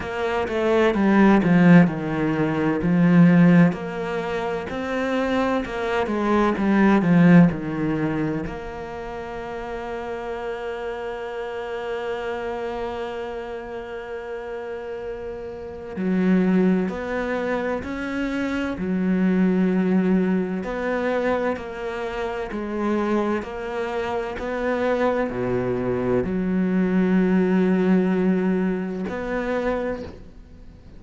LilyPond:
\new Staff \with { instrumentName = "cello" } { \time 4/4 \tempo 4 = 64 ais8 a8 g8 f8 dis4 f4 | ais4 c'4 ais8 gis8 g8 f8 | dis4 ais2.~ | ais1~ |
ais4 fis4 b4 cis'4 | fis2 b4 ais4 | gis4 ais4 b4 b,4 | fis2. b4 | }